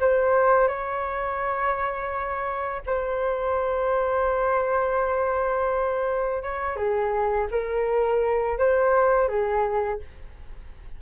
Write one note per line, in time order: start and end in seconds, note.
0.00 0.68 C5
0.68 2.82 C#5
2.86 6.42 C5
6.42 6.76 C#5
6.76 7.47 G#4
7.51 8.58 A#4
8.58 9.28 C5
9.28 9.99 G#4